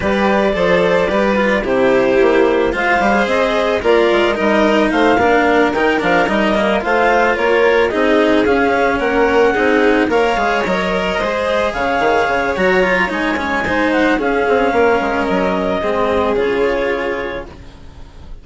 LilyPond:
<<
  \new Staff \with { instrumentName = "clarinet" } { \time 4/4 \tempo 4 = 110 d''2. c''4~ | c''4 f''4 dis''4 d''4 | dis''4 f''4. g''8 f''8 dis''8~ | dis''8 f''4 cis''4 dis''4 f''8~ |
f''8 fis''2 f''4 dis''8~ | dis''4. f''4. ais''4 | gis''4. fis''8 f''2 | dis''2 cis''2 | }
  \new Staff \with { instrumentName = "violin" } { \time 4/4 b'4 c''4 b'4 g'4~ | g'4 c''2 f'4 | ais'4 c''8 ais'2~ ais'8~ | ais'8 c''4 ais'4 gis'4.~ |
gis'8 ais'4 gis'4 cis''4.~ | cis''8 c''4 cis''2~ cis''8~ | cis''4 c''4 gis'4 ais'4~ | ais'4 gis'2. | }
  \new Staff \with { instrumentName = "cello" } { \time 4/4 g'4 a'4 g'8 f'8 e'4~ | e'4 f'8 g'16 gis'4~ gis'16 ais'4 | dis'4. d'4 dis'8 d'8 dis'8 | ais8 f'2 dis'4 cis'8~ |
cis'4. dis'4 ais'8 gis'8 ais'8~ | ais'8 gis'2~ gis'8 fis'8 f'8 | dis'8 cis'8 dis'4 cis'2~ | cis'4 c'4 f'2 | }
  \new Staff \with { instrumentName = "bassoon" } { \time 4/4 g4 f4 g4 c4 | ais4 gis8 g8 c'4 ais8 gis8 | g4 a8 ais4 dis8 f8 g8~ | g8 a4 ais4 c'4 cis'8~ |
cis'8 ais4 c'4 ais8 gis8 fis8~ | fis8 gis4 cis8 dis8 cis8 fis4 | gis2 cis'8 c'8 ais8 gis8 | fis4 gis4 cis2 | }
>>